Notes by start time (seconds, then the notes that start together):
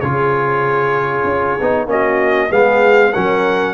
0.00 C#3 F4 G#4 C#5
1.24 C#4
1.61 B3 D#4
1.87 A#3 C#4 F#4 D#5
2.49 G#3 B3 G#4 F5
3.12 F#3 C#4 A#4 F#5